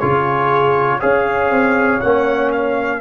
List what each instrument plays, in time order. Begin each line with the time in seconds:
0.00 tuba C#3, trombone F4, horn G#4, trumpet C#5
1.00 tuba C#4, trombone G#4, horn C#5, trumpet F5
1.51 tuba C4
2.01 tuba A#3, trombone C#4, trumpet F#5
2.52 trumpet F5